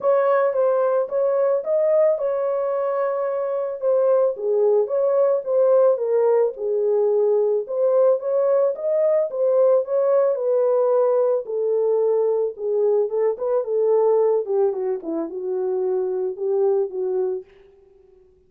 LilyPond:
\new Staff \with { instrumentName = "horn" } { \time 4/4 \tempo 4 = 110 cis''4 c''4 cis''4 dis''4 | cis''2. c''4 | gis'4 cis''4 c''4 ais'4 | gis'2 c''4 cis''4 |
dis''4 c''4 cis''4 b'4~ | b'4 a'2 gis'4 | a'8 b'8 a'4. g'8 fis'8 e'8 | fis'2 g'4 fis'4 | }